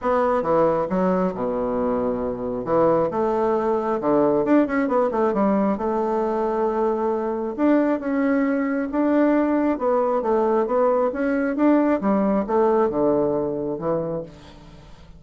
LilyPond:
\new Staff \with { instrumentName = "bassoon" } { \time 4/4 \tempo 4 = 135 b4 e4 fis4 b,4~ | b,2 e4 a4~ | a4 d4 d'8 cis'8 b8 a8 | g4 a2.~ |
a4 d'4 cis'2 | d'2 b4 a4 | b4 cis'4 d'4 g4 | a4 d2 e4 | }